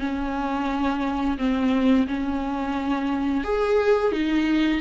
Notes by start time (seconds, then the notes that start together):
0.00 C#4
1.38 C4
2.08 C#4
3.44 G#4
4.12 D#4